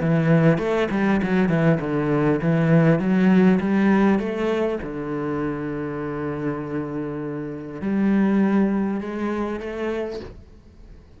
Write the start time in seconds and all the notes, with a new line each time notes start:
0.00 E3
0.58 A3
0.90 G3
1.22 F#3
1.48 E3
1.80 D3
2.42 E3
2.99 F#3
3.59 G3
4.19 A3
4.82 D3
7.81 G3
9.00 G#3
9.60 A3